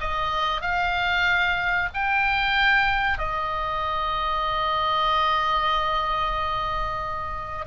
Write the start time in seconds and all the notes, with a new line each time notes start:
0.00 D#5
0.61 F5
1.94 G5
3.18 D#5